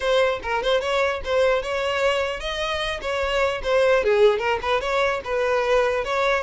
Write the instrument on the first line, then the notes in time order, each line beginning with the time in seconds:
violin
0.00 C5
0.42 A#4
0.62 C5
0.81 C#5
1.24 C5
1.62 C#5
2.40 D#5
3.01 C#5
3.63 C5
4.03 G#4
4.39 A#4
4.62 B4
4.80 C#5
5.24 B4
6.04 C#5